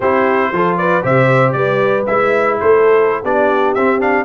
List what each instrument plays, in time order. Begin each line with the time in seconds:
0.00 tuba C4, trombone E4, horn G4, trumpet C5
0.52 tuba F3, trombone F4, horn A4
0.77 horn B4, trumpet D5
1.02 tuba C3, trombone G4, horn C5, trumpet E5
1.52 tuba G3, horn B4, trumpet D5
2.06 tuba G#3, trombone E4, trumpet E5
2.59 tuba A3, horn A4, trumpet C5
3.22 tuba B3, trombone D4, horn G4, trumpet D5
3.74 tuba C4, trombone C4, trumpet E5
3.99 trombone D4, trumpet F5